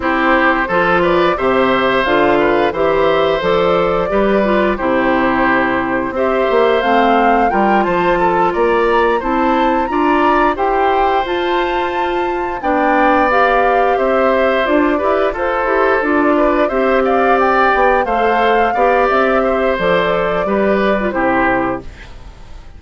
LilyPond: <<
  \new Staff \with { instrumentName = "flute" } { \time 4/4 \tempo 4 = 88 c''4. d''8 e''4 f''4 | e''4 d''2 c''4~ | c''4 e''4 f''4 g''8 a''8~ | a''8 ais''4 a''4 ais''4 g''8~ |
g''8 a''2 g''4 f''8~ | f''8 e''4 d''4 c''4 d''8~ | d''8 e''8 f''8 g''4 f''4. | e''4 d''2 c''4 | }
  \new Staff \with { instrumentName = "oboe" } { \time 4/4 g'4 a'8 b'8 c''4. b'8 | c''2 b'4 g'4~ | g'4 c''2 ais'8 c''8 | a'8 d''4 c''4 d''4 c''8~ |
c''2~ c''8 d''4.~ | d''8 c''4. b'8 a'4. | b'8 c''8 d''4. c''4 d''8~ | d''8 c''4. b'4 g'4 | }
  \new Staff \with { instrumentName = "clarinet" } { \time 4/4 e'4 f'4 g'4 f'4 | g'4 a'4 g'8 f'8 e'4~ | e'4 g'4 c'4 f'4~ | f'4. e'4 f'4 g'8~ |
g'8 f'2 d'4 g'8~ | g'4. f'8 g'8 a'8 g'8 f'8~ | f'8 g'2 a'4 g'8~ | g'4 a'4 g'8. f'16 e'4 | }
  \new Staff \with { instrumentName = "bassoon" } { \time 4/4 c'4 f4 c4 d4 | e4 f4 g4 c4~ | c4 c'8 ais8 a4 g8 f8~ | f8 ais4 c'4 d'4 e'8~ |
e'8 f'2 b4.~ | b8 c'4 d'8 e'8 f'8 e'8 d'8~ | d'8 c'4. b8 a4 b8 | c'4 f4 g4 c4 | }
>>